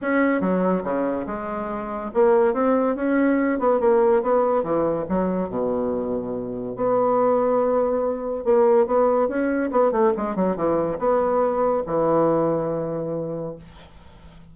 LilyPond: \new Staff \with { instrumentName = "bassoon" } { \time 4/4 \tempo 4 = 142 cis'4 fis4 cis4 gis4~ | gis4 ais4 c'4 cis'4~ | cis'8 b8 ais4 b4 e4 | fis4 b,2. |
b1 | ais4 b4 cis'4 b8 a8 | gis8 fis8 e4 b2 | e1 | }